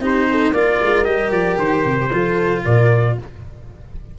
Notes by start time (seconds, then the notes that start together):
0.00 C4 D#4 G4 C5
0.31 A4
0.53 A#3 F4 A#4 D5
0.82 G#3
1.05 G3 G4 D#5
1.31 F3 D5
1.59 D#3 C5
1.85 C3
2.12 F3 F4 A4
2.64 A#2 A#4 D5